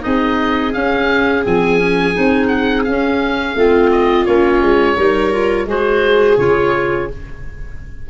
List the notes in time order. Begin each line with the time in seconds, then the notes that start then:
0.00 C4 D#4 G#4 D#5
0.73 C#4 F5
1.43 F3 C4 G#5
1.77 C#4
2.14 C4 D#4
2.47 F#5
2.84 C#4 F5
3.54 A3 C4 F4
3.91 D#5
4.25 A#3 C#4 C#5
4.61 G#3
4.96 G3 D#4 A#4
5.32 F4
5.65 G#3 F#4 G#4 C5
6.37 C#3 F4 C#5